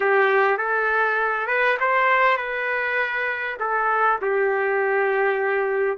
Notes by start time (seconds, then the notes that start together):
0.00 G4
0.57 A4
1.47 B4
1.79 C5
2.37 B4
3.59 A4
4.21 G4